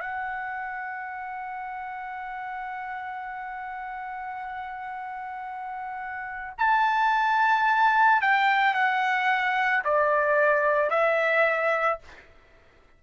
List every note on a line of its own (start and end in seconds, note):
0.00 6.55 F#5
6.58 8.21 A5
8.21 8.74 G5
8.74 9.83 F#5
9.84 10.89 D5
10.89 11.99 E5